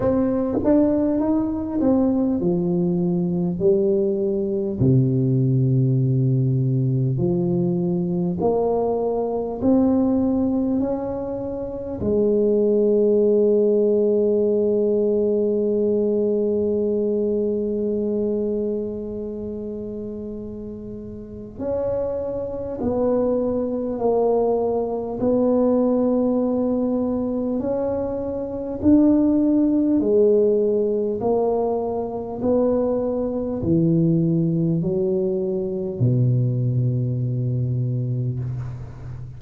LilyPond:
\new Staff \with { instrumentName = "tuba" } { \time 4/4 \tempo 4 = 50 c'8 d'8 dis'8 c'8 f4 g4 | c2 f4 ais4 | c'4 cis'4 gis2~ | gis1~ |
gis2 cis'4 b4 | ais4 b2 cis'4 | d'4 gis4 ais4 b4 | e4 fis4 b,2 | }